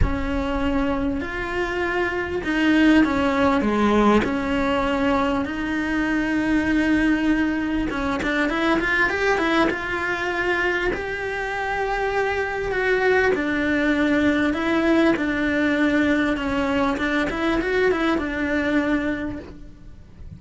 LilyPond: \new Staff \with { instrumentName = "cello" } { \time 4/4 \tempo 4 = 99 cis'2 f'2 | dis'4 cis'4 gis4 cis'4~ | cis'4 dis'2.~ | dis'4 cis'8 d'8 e'8 f'8 g'8 e'8 |
f'2 g'2~ | g'4 fis'4 d'2 | e'4 d'2 cis'4 | d'8 e'8 fis'8 e'8 d'2 | }